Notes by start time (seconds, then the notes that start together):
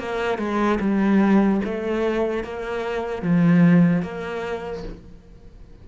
0.00 A#3
0.38 G#3
0.81 G3
1.65 A3
2.44 A#3
3.23 F3
4.03 A#3